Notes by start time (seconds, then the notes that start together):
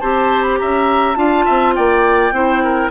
0.00 C4 G4 C5 A5
0.43 B5
0.58 C#4 E5 A#5
1.15 D4 F4 F5 A5
1.45 C4 E5
1.75 A#3 D5 G5
2.32 C4 E4 C5
2.64 A#4